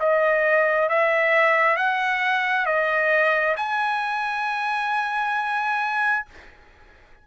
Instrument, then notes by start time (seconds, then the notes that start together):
trumpet
0.00 D#5
0.89 E5
1.77 F#5
2.66 D#5
3.57 G#5